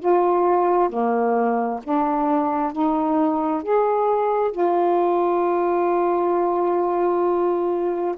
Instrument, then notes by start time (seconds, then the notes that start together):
saxophone
0.00 F4
0.90 A#3
1.84 D4
2.73 D#4
3.64 G#4
4.52 F4